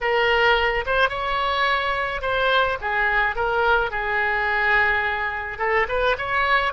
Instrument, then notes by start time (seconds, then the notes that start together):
oboe
0.00 A#4
0.86 C5
1.09 C#5
2.21 C5
2.81 G#4
3.35 A#4
3.90 G#4
5.58 A4
5.88 B4
6.18 C#5